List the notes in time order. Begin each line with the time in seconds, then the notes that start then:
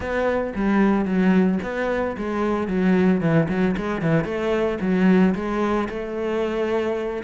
0.00 B3
0.55 G3
1.05 F#3
1.62 B3
2.17 G#3
2.67 F#3
3.20 E3
3.48 F#3
3.76 G#3
4.01 E3
4.24 A3
4.80 F#3
5.34 G#3
5.89 A3